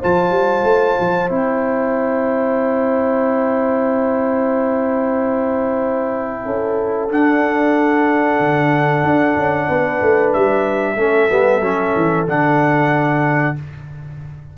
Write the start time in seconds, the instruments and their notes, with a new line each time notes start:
0.00 tuba F3, trombone F4, horn C5, trumpet A5
0.31 tuba G3
0.64 tuba A3
1.00 tuba F3
1.29 tuba C4, trombone E4, trumpet G5
6.46 tuba C#4, horn A4
7.10 trombone D4, tuba D4, trumpet F#5
8.40 tuba D3
9.03 tuba D4
9.36 tuba C#4
9.69 tuba B3, horn B4
10.02 tuba A3
10.34 tuba G3, trumpet E5
10.96 tuba A3, trombone C#4, horn A4
11.29 tuba G3, trombone B3
11.60 tuba F#3, trombone C#4
11.96 tuba E3
12.27 tuba D3, trombone D4, trumpet F#5